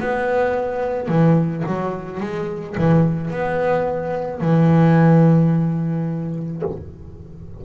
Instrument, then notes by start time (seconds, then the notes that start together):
double bass
0.00 B3
1.08 E3
1.67 F#3
2.21 G#3
2.78 E3
3.31 B3
4.40 E3